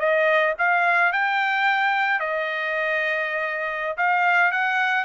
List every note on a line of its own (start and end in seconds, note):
0.00 0.55 D#5
0.59 1.13 F5
1.13 2.20 G5
2.20 3.97 D#5
3.97 4.52 F5
4.52 5.05 F#5